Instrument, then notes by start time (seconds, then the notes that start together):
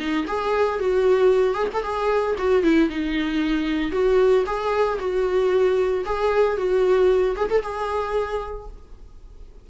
viola
0.00 D#4
0.28 G#4
0.80 F#4
1.54 G#4
1.74 A4
1.83 G#4
2.38 F#4
2.63 E4
2.90 D#4
3.92 F#4
4.46 G#4
5.00 F#4
6.06 G#4
6.57 F#4
7.37 G#4
7.50 A4
7.63 G#4